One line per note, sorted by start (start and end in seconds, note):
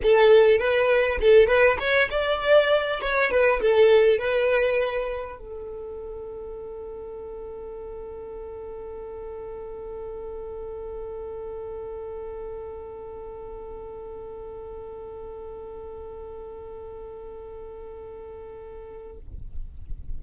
0.02 0.58 A4
0.58 1.18 B4
1.20 1.47 A4
1.47 1.77 B4
1.79 2.09 C#5
2.11 3.01 D5
3.01 3.31 C#5
3.31 3.61 B4
3.61 4.18 A4
4.18 5.38 B4
5.38 19.18 A4